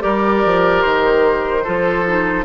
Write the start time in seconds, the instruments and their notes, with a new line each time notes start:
0.00 bassoon G3, clarinet G4, oboe A#4, flute D5
0.45 bassoon F3
0.82 bassoon D#3, flute C5
1.64 bassoon F3, clarinet F4, oboe A4
2.07 clarinet D#4